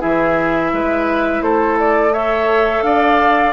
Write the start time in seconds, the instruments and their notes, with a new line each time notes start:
0.00 bassoon E3, clarinet E4, oboe G#4, flute E5
0.73 bassoon G#3, oboe B4
1.42 bassoon A3, oboe A4, flute C5
1.80 flute D5
2.13 clarinet A4, oboe C#5, flute E5
2.82 bassoon D4, oboe D5, flute F5